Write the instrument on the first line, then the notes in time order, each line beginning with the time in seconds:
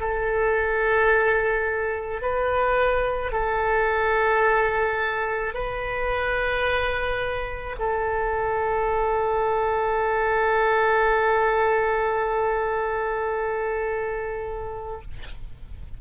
oboe
0.00 A4
2.22 B4
3.32 A4
5.54 B4
7.79 A4